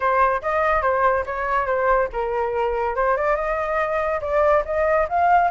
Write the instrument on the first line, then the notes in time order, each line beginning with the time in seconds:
flute
0.00 C5
0.42 D#5
0.82 C5
1.26 C#5
1.66 C5
2.12 A#4
2.95 C5
3.17 D5
3.36 D#5
4.21 D5
4.65 D#5
5.09 F5